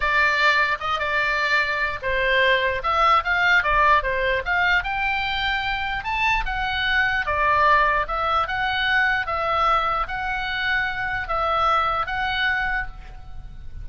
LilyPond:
\new Staff \with { instrumentName = "oboe" } { \time 4/4 \tempo 4 = 149 d''2 dis''8 d''4.~ | d''4 c''2 e''4 | f''4 d''4 c''4 f''4 | g''2. a''4 |
fis''2 d''2 | e''4 fis''2 e''4~ | e''4 fis''2. | e''2 fis''2 | }